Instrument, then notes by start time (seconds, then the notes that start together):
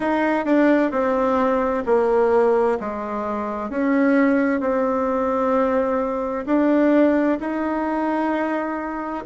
bassoon
0.00 D#4
0.45 D4
0.91 C4
1.85 A#3
2.79 G#3
3.70 C#4
4.60 C4
6.46 D4
7.39 D#4